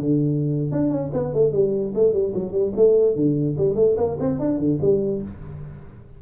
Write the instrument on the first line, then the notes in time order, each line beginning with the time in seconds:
tuba
0.00 D3
0.72 D4
0.91 C#4
1.13 B3
1.33 A3
1.52 G3
1.95 A3
2.13 G3
2.35 F#3
2.52 G3
2.76 A3
3.15 D3
3.58 G3
3.76 A3
3.97 A#3
4.19 C4
4.39 D4
4.58 D3
4.81 G3